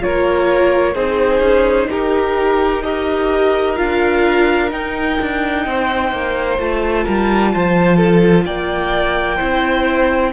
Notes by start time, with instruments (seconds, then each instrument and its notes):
0.00 cello A#3, viola F4, violin A#4 C#5
0.94 cello C4, viola D#4, violin G#4 C5
1.40 cello C#4
1.90 cello D#4, violin G4 A#4
2.83 viola G4, violin A#4 D#5
3.76 cello D4, viola F4, violin F5
4.69 viola D#4, cello D#4, violin G5
5.21 cello D4
5.66 cello C4, violin C5
6.12 cello A#3
6.58 cello A3, viola F4, violin A5
7.04 cello G3, violin A#4
7.54 cello F3, violin C5
7.97 violin A4
8.45 cello A#3, violin D5 G5
9.37 cello C4, viola E4, violin C5